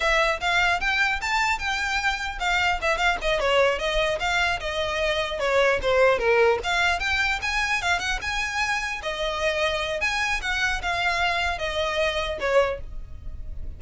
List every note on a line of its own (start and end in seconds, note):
0.00 0.40 E5
0.40 0.80 F5
0.80 1.20 G5
1.21 1.58 A5
1.58 2.38 G5
2.39 2.79 F5
2.81 2.97 E5
2.97 3.17 F5
3.21 3.39 D#5
3.39 3.78 C#5
3.78 4.18 D#5
4.19 4.59 F5
4.59 5.39 D#5
5.39 5.79 C#5
5.81 6.18 C5
6.18 6.58 A#4
6.63 6.99 F5
6.99 7.39 G5
7.41 7.81 G#5
7.81 7.99 F5
7.99 8.19 F#5
8.21 9.01 G#5
9.02 10.00 D#5
10.00 10.40 G#5
10.41 10.81 F#5
10.82 11.58 F5
11.58 12.38 D#5
12.40 12.80 C#5